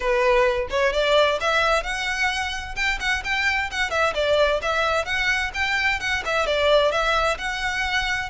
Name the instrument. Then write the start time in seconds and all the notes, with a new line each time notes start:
violin
0.00 B4
0.69 C#5
0.93 D5
1.40 E5
1.83 F#5
2.75 G5
3.00 F#5
3.24 G5
3.70 F#5
3.90 E5
4.14 D5
4.62 E5
5.05 F#5
5.53 G5
6.00 F#5
6.25 E5
6.46 D5
6.91 E5
7.37 F#5